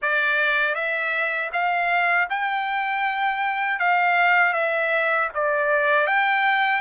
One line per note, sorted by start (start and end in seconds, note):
0.02 0.74 D5
0.74 1.50 E5
1.52 2.28 F5
2.29 3.79 G5
3.79 4.53 F5
4.53 5.29 E5
5.34 6.06 D5
6.06 6.80 G5